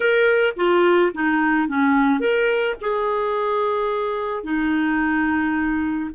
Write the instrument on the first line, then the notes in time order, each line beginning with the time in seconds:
clarinet
0.00 A#4
0.56 F4
1.14 D#4
1.68 C#4
2.19 A#4
2.81 G#4
4.43 D#4